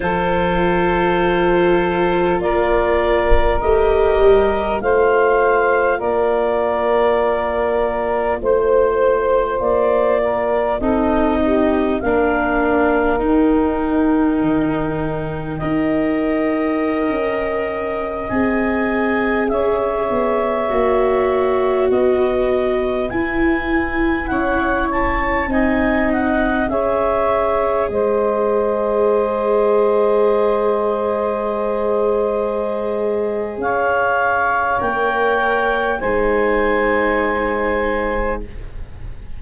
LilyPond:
<<
  \new Staff \with { instrumentName = "clarinet" } { \time 4/4 \tempo 4 = 50 c''2 d''4 dis''4 | f''4 d''2 c''4 | d''4 dis''4 f''4 g''4~ | g''2.~ g''16 gis''8.~ |
gis''16 e''2 dis''4 gis''8.~ | gis''16 fis''8 a''8 gis''8 fis''8 e''4 dis''8.~ | dis''1 | f''4 g''4 gis''2 | }
  \new Staff \with { instrumentName = "saxophone" } { \time 4/4 a'2 ais'2 | c''4 ais'2 c''4~ | c''8 ais'8 a'8 g'8 ais'2~ | ais'4 dis''2.~ |
dis''16 cis''2 b'4.~ b'16~ | b'16 cis''4 dis''4 cis''4 c''8.~ | c''1 | cis''2 c''2 | }
  \new Staff \with { instrumentName = "viola" } { \time 4/4 f'2. g'4 | f'1~ | f'4 dis'4 d'4 dis'4~ | dis'4 ais'2~ ais'16 gis'8.~ |
gis'4~ gis'16 fis'2 e'8.~ | e'4~ e'16 dis'4 gis'4.~ gis'16~ | gis'1~ | gis'4 ais'4 dis'2 | }
  \new Staff \with { instrumentName = "tuba" } { \time 4/4 f2 ais4 a8 g8 | a4 ais2 a4 | ais4 c'4 ais4 dis'4 | dis4 dis'4~ dis'16 cis'4 c'8.~ |
c'16 cis'8 b8 ais4 b4 e'8.~ | e'16 cis'4 c'4 cis'4 gis8.~ | gis1 | cis'4 ais4 gis2 | }
>>